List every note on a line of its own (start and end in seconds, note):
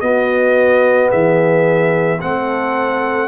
0.00 2.18 B3
0.00 1.10 B3
0.00 1.09 F#4
0.00 1.09 D#5
1.09 2.22 E3
1.09 2.18 G#4
1.09 2.20 E5
2.21 3.27 A3
2.21 3.27 C4
2.21 3.27 A4
2.21 3.27 F#5